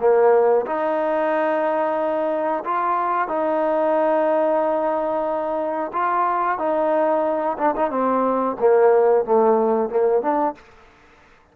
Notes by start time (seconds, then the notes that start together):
0.00 A#3
0.66 D#4
2.65 F4
3.28 D#4
5.93 F4
6.59 D#4
7.59 D4
7.76 D#4
7.91 C4
8.60 A#3
9.25 A3
9.90 A#3
10.22 D4